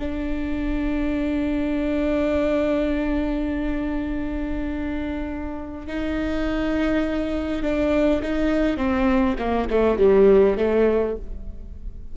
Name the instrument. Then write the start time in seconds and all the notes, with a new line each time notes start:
viola
0.00 D4
5.87 D#4
7.63 D4
8.23 D#4
8.77 C4
9.39 A#3
9.70 A3
9.99 G3
10.57 A3